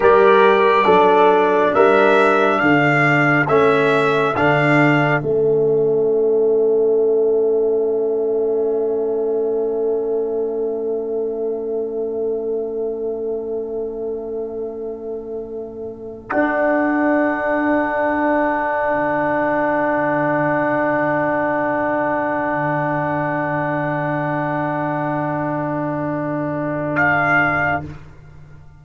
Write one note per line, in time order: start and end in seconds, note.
0.00 0.85 G3
0.00 0.85 G4
0.00 0.85 A#4
0.00 1.74 D5
0.85 1.72 F#3
0.85 3.46 D4
0.85 1.72 A4
1.74 2.61 G3
1.74 2.59 A#4
1.74 2.58 E5
2.58 3.47 D3
2.58 27.80 A4
2.58 3.45 F5
3.47 4.34 A3
3.47 4.35 C#4
3.47 4.35 E5
4.34 5.21 D3
4.34 5.22 D4
4.34 5.20 F5
5.20 16.31 A3
5.20 16.30 C#4
5.20 16.29 E5
16.30 27.83 D4
16.30 18.93 D4
16.30 26.95 F#5
18.93 27.84 D3
26.95 27.82 F5